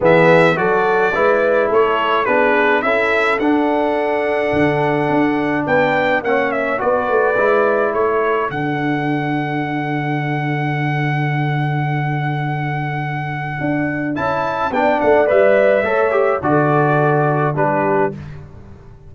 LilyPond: <<
  \new Staff \with { instrumentName = "trumpet" } { \time 4/4 \tempo 4 = 106 e''4 d''2 cis''4 | b'4 e''4 fis''2~ | fis''2 g''4 fis''8 e''8 | d''2 cis''4 fis''4~ |
fis''1~ | fis''1~ | fis''4 a''4 g''8 fis''8 e''4~ | e''4 d''2 b'4 | }
  \new Staff \with { instrumentName = "horn" } { \time 4/4 gis'4 a'4 b'4 a'4 | gis'4 a'2.~ | a'2 b'4 cis''4 | b'2 a'2~ |
a'1~ | a'1~ | a'2 d''2 | cis''4 a'2 g'4 | }
  \new Staff \with { instrumentName = "trombone" } { \time 4/4 b4 fis'4 e'2 | d'4 e'4 d'2~ | d'2. cis'4 | fis'4 e'2 d'4~ |
d'1~ | d'1~ | d'4 e'4 d'4 b'4 | a'8 g'8 fis'2 d'4 | }
  \new Staff \with { instrumentName = "tuba" } { \time 4/4 e4 fis4 gis4 a4 | b4 cis'4 d'2 | d4 d'4 b4 ais4 | b8 a8 gis4 a4 d4~ |
d1~ | d1 | d'4 cis'4 b8 a8 g4 | a4 d2 g4 | }
>>